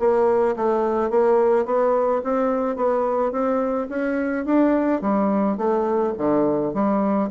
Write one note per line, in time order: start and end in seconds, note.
0.00 0.56 A#3
0.57 1.11 A3
1.11 1.66 A#3
1.66 2.22 B3
2.24 2.77 C4
2.77 3.32 B3
3.32 3.88 C4
3.90 4.46 C#4
4.46 5.02 D4
5.02 5.58 G3
5.58 6.14 A3
6.18 6.74 D3
6.74 7.30 G3